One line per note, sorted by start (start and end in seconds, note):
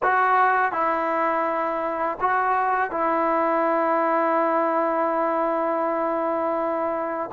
0.02 0.72 F#4
0.72 2.18 E4
2.20 2.91 F#4
2.91 7.30 E4